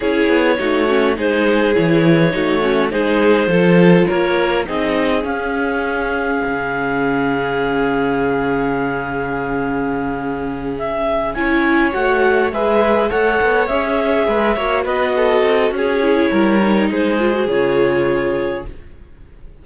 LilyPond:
<<
  \new Staff \with { instrumentName = "clarinet" } { \time 4/4 \tempo 4 = 103 cis''2 c''4 cis''4~ | cis''4 c''2 cis''4 | dis''4 f''2.~ | f''1~ |
f''2~ f''8 e''4 gis''8~ | gis''8 fis''4 e''4 fis''4 e''8~ | e''4. dis''4. cis''4~ | cis''4 c''4 cis''2 | }
  \new Staff \with { instrumentName = "violin" } { \time 4/4 gis'4 fis'4 gis'2 | fis'4 gis'4 a'4 ais'4 | gis'1~ | gis'1~ |
gis'2.~ gis'8 cis''8~ | cis''4. b'4 cis''4.~ | cis''8 b'8 cis''8 b'8 a'4 gis'4 | ais'4 gis'2. | }
  \new Staff \with { instrumentName = "viola" } { \time 4/4 e'4 dis'8 cis'8 dis'4 e'4 | dis'8 cis'8 dis'4 f'2 | dis'4 cis'2.~ | cis'1~ |
cis'2.~ cis'8 e'8~ | e'8 fis'4 gis'4 a'4 gis'8~ | gis'4 fis'2~ fis'8 e'8~ | e'8 dis'4 f'16 fis'16 f'2 | }
  \new Staff \with { instrumentName = "cello" } { \time 4/4 cis'8 b8 a4 gis4 e4 | a4 gis4 f4 ais4 | c'4 cis'2 cis4~ | cis1~ |
cis2.~ cis8 cis'8~ | cis'8 a4 gis4 a8 b8 cis'8~ | cis'8 gis8 ais8 b4 c'8 cis'4 | g4 gis4 cis2 | }
>>